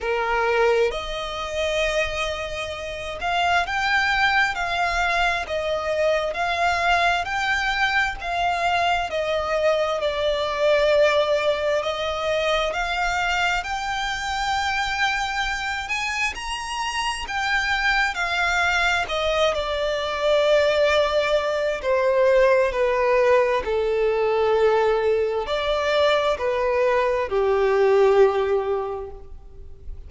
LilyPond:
\new Staff \with { instrumentName = "violin" } { \time 4/4 \tempo 4 = 66 ais'4 dis''2~ dis''8 f''8 | g''4 f''4 dis''4 f''4 | g''4 f''4 dis''4 d''4~ | d''4 dis''4 f''4 g''4~ |
g''4. gis''8 ais''4 g''4 | f''4 dis''8 d''2~ d''8 | c''4 b'4 a'2 | d''4 b'4 g'2 | }